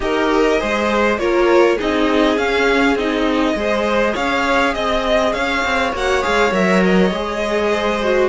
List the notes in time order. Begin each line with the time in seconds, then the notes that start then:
0.00 D#4 G4 A#4 D#5
0.59 G#3 G#4 C5
1.18 A#3 F4 A#4 C#5
1.76 C4 D#4 G#4 D#5
2.37 C#4 F5
2.95 C4 D#4 D#5
3.54 G#3 G#4 C5
4.14 C#4 C#5 F5
4.74 C4 D#5
5.32 C#4 C#5 F5
5.64 C4
5.93 A#3 F#4 F#5
6.22 G#3 G#4 F5
6.52 F#3 A#4 E5
6.84 D#5
7.11 G#3 G#4
7.71 C5
8.02 F#4